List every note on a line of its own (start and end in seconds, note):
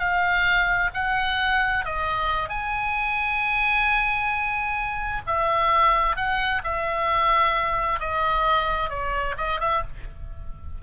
0.00 0.91 F5
0.95 1.86 F#5
1.86 2.50 D#5
2.50 5.22 G#5
5.27 6.17 E5
6.17 6.62 F#5
6.64 8.00 E5
8.00 8.90 D#5
8.90 9.36 C#5
9.38 9.60 D#5
9.60 9.83 E5